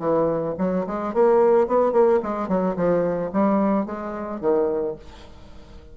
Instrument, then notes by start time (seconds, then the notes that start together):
bassoon
0.00 E3
0.59 F#3
0.87 G#3
1.14 A#3
1.68 B3
1.93 A#3
2.23 G#3
2.49 F#3
2.77 F3
3.33 G3
3.86 G#3
4.41 D#3